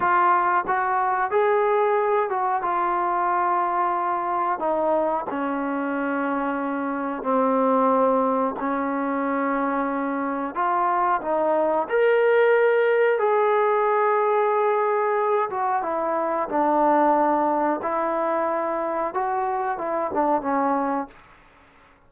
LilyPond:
\new Staff \with { instrumentName = "trombone" } { \time 4/4 \tempo 4 = 91 f'4 fis'4 gis'4. fis'8 | f'2. dis'4 | cis'2. c'4~ | c'4 cis'2. |
f'4 dis'4 ais'2 | gis'2.~ gis'8 fis'8 | e'4 d'2 e'4~ | e'4 fis'4 e'8 d'8 cis'4 | }